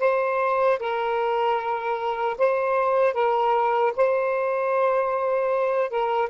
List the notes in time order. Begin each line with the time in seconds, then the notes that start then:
0.00 C5
0.79 A#4
2.38 C5
3.14 A#4
3.97 C5
5.90 A#4